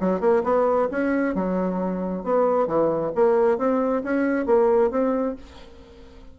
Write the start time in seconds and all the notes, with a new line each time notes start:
0.00 F#3
0.20 A#3
0.44 B3
0.91 C#4
1.35 F#3
2.23 B3
2.67 E3
3.15 A#3
3.58 C4
4.04 C#4
4.46 A#3
4.91 C4